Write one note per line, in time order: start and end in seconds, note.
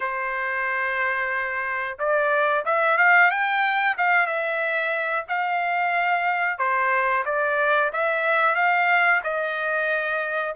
0.00 1.98 C5
1.98 2.64 D5
2.65 2.97 E5
2.97 3.30 F5
3.30 3.96 G5
3.97 4.26 F5
4.26 5.25 E5
5.28 6.58 F5
6.58 7.24 C5
7.25 7.91 D5
7.92 8.55 E5
8.55 9.21 F5
9.23 10.55 D#5